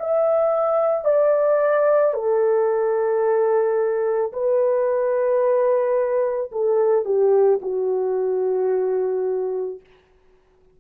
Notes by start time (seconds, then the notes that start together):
0.00 E5
1.05 D5
2.15 A4
4.33 B4
6.53 A4
7.06 G4
7.63 F#4